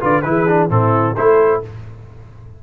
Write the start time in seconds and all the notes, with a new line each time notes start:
0.00 D3 F4 B4 D5
0.21 E3 E4 B4
0.28 G#4
0.48 D4
0.70 A2 C4 E4 A4
1.16 A3 E4 A4 C5